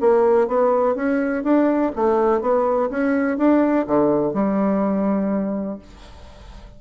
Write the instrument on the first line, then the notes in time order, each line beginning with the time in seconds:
bassoon
0.00 A#3
0.47 B3
0.95 C#4
1.44 D4
1.95 A3
2.41 B3
2.90 C#4
3.37 D4
3.87 D3
4.34 G3